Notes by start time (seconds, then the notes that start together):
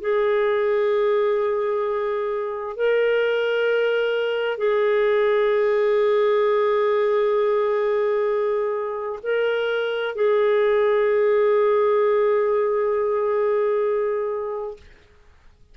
0.00 G#4
2.76 A#4
4.58 G#4
9.23 A#4
10.15 G#4